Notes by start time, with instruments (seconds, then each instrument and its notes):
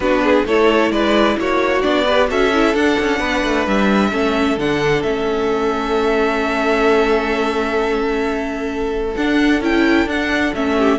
0.00 cello B3, viola D4, violin F#4 B4
0.23 violin G#4
0.45 cello A3, viola E4, violin A4 C#5
0.90 cello G#3, violin B4 D5
1.37 cello A#3, violin F#4 C#5
1.81 cello B3, viola D4, violin D5
2.05 viola G4, violin B4
2.28 cello C#4, viola F#4, violin A4 E5
2.53 viola E4
2.74 cello D4, viola D4, violin F#5
3.00 cello C#4
3.19 cello B3, violin B4
3.43 cello A3
3.66 cello G3, violin E5
4.10 cello A3, viola C#4, violin A4
4.57 cello D3, viola D4, violin F#5
5.02 cello A3, viola C#4, violin E5
9.16 cello D4, viola D4, violin F#5
9.60 cello C#4, viola E4, violin G5
10.05 cello D4, viola D4, violin F#5
10.54 cello A3, viola C#4, violin E5
10.78 violin G4